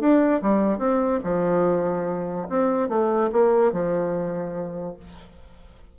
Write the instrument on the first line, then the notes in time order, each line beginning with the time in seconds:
bassoon
0.00 D4
0.42 G3
0.79 C4
1.24 F3
2.50 C4
2.89 A3
3.32 A#3
3.73 F3